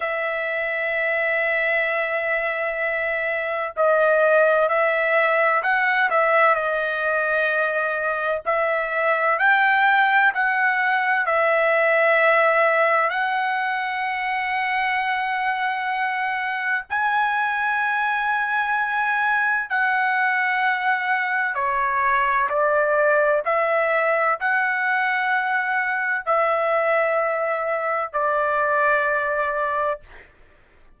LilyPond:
\new Staff \with { instrumentName = "trumpet" } { \time 4/4 \tempo 4 = 64 e''1 | dis''4 e''4 fis''8 e''8 dis''4~ | dis''4 e''4 g''4 fis''4 | e''2 fis''2~ |
fis''2 gis''2~ | gis''4 fis''2 cis''4 | d''4 e''4 fis''2 | e''2 d''2 | }